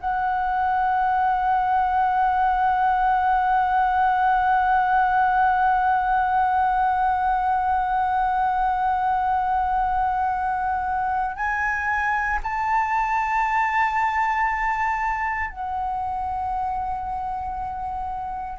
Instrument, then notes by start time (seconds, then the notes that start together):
flute
0.00 F#5
11.36 G#5
12.42 A5
15.50 F#5